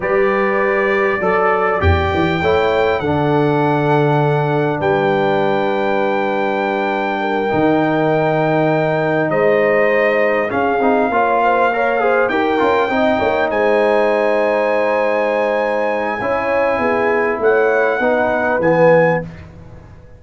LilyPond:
<<
  \new Staff \with { instrumentName = "trumpet" } { \time 4/4 \tempo 4 = 100 d''2. g''4~ | g''4 fis''2. | g''1~ | g''2.~ g''8 dis''8~ |
dis''4. f''2~ f''8~ | f''8 g''2 gis''4.~ | gis''1~ | gis''4 fis''2 gis''4 | }
  \new Staff \with { instrumentName = "horn" } { \time 4/4 b'2 d''2 | cis''4 a'2. | b'1 | ais'2.~ ais'8 c''8~ |
c''4. gis'4 cis''8 c''8 cis''8 | c''8 ais'4 dis''8 cis''8 c''4.~ | c''2. cis''4 | gis'4 cis''4 b'2 | }
  \new Staff \with { instrumentName = "trombone" } { \time 4/4 g'2 a'4 g'4 | e'4 d'2.~ | d'1~ | d'8 dis'2.~ dis'8~ |
dis'4. cis'8 dis'8 f'4 ais'8 | gis'8 g'8 f'8 dis'2~ dis'8~ | dis'2. e'4~ | e'2 dis'4 b4 | }
  \new Staff \with { instrumentName = "tuba" } { \time 4/4 g2 fis4 e,8 e8 | a4 d2. | g1~ | g8 dis2. gis8~ |
gis4. cis'8 c'8 ais4.~ | ais8 dis'8 cis'8 c'8 ais8 gis4.~ | gis2. cis'4 | b4 a4 b4 e4 | }
>>